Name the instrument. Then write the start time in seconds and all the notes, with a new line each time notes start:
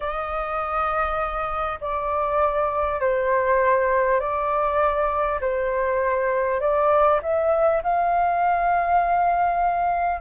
flute
0.00 D#5
1.80 D5
3.00 C5
4.20 D5
5.41 C5
6.60 D5
7.22 E5
7.83 F5